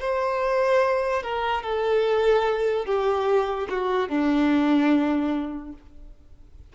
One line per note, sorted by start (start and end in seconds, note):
0.00 1.23 C5
1.23 1.63 A#4
1.63 2.85 A4
2.85 3.68 G4
3.69 4.09 F#4
4.09 5.73 D4